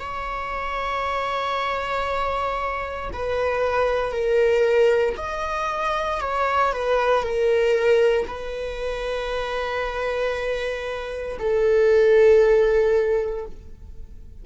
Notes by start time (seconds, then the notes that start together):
0.00 C#5
3.13 B4
4.12 A#4
5.17 D#5
6.21 C#5
6.72 B4
7.23 A#4
8.28 B4
11.39 A4